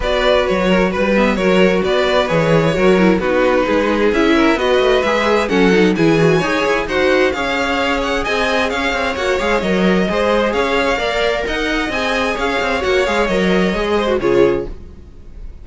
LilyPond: <<
  \new Staff \with { instrumentName = "violin" } { \time 4/4 \tempo 4 = 131 d''4 cis''4 b'4 cis''4 | d''4 cis''2 b'4~ | b'4 e''4 dis''4 e''4 | fis''4 gis''2 fis''4 |
f''4. fis''8 gis''4 f''4 | fis''8 f''8 dis''2 f''4~ | f''4 fis''4 gis''4 f''4 | fis''8 f''8 dis''2 cis''4 | }
  \new Staff \with { instrumentName = "violin" } { \time 4/4 b'4. ais'8 b'8 e''8 ais'4 | b'2 ais'4 fis'4 | gis'4. ais'8 b'2 | a'4 gis'4 cis''4 c''4 |
cis''2 dis''4 cis''4~ | cis''2 c''4 cis''4 | d''4 dis''2 cis''4~ | cis''2~ cis''8 c''8 gis'4 | }
  \new Staff \with { instrumentName = "viola" } { \time 4/4 fis'2~ fis'8 b8 fis'4~ | fis'4 gis'4 fis'8 e'8 dis'4~ | dis'4 e'4 fis'4 gis'4 | cis'8 dis'8 e'8 fis'8 gis'4 fis'4 |
gis'1 | fis'8 gis'8 ais'4 gis'2 | ais'2 gis'2 | fis'8 gis'8 ais'4 gis'8. fis'16 f'4 | }
  \new Staff \with { instrumentName = "cello" } { \time 4/4 b4 fis4 g4 fis4 | b4 e4 fis4 b4 | gis4 cis'4 b8 a8 gis4 | fis4 e4 dis'8 e'8 dis'4 |
cis'2 c'4 cis'8 c'8 | ais8 gis8 fis4 gis4 cis'4 | ais4 dis'4 c'4 cis'8 c'8 | ais8 gis8 fis4 gis4 cis4 | }
>>